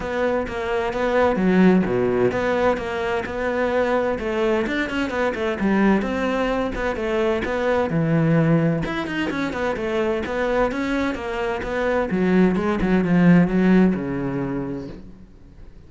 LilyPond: \new Staff \with { instrumentName = "cello" } { \time 4/4 \tempo 4 = 129 b4 ais4 b4 fis4 | b,4 b4 ais4 b4~ | b4 a4 d'8 cis'8 b8 a8 | g4 c'4. b8 a4 |
b4 e2 e'8 dis'8 | cis'8 b8 a4 b4 cis'4 | ais4 b4 fis4 gis8 fis8 | f4 fis4 cis2 | }